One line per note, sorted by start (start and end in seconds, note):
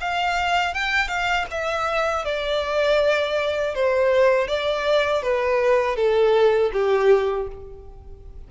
0.00 0.74 F5
0.74 1.07 G5
1.07 1.45 F5
1.50 2.25 E5
2.25 3.74 D5
3.74 4.47 C5
4.47 5.22 D5
5.22 5.96 B4
5.96 6.71 A4
6.72 7.47 G4